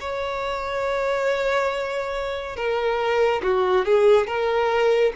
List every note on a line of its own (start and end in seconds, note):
0.00 2.56 C#5
2.56 3.42 A#4
3.42 3.85 F#4
3.85 4.27 G#4
4.27 5.13 A#4